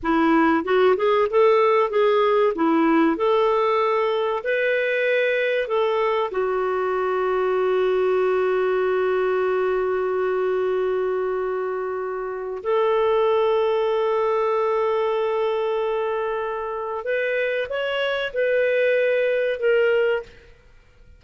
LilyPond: \new Staff \with { instrumentName = "clarinet" } { \time 4/4 \tempo 4 = 95 e'4 fis'8 gis'8 a'4 gis'4 | e'4 a'2 b'4~ | b'4 a'4 fis'2~ | fis'1~ |
fis'1 | a'1~ | a'2. b'4 | cis''4 b'2 ais'4 | }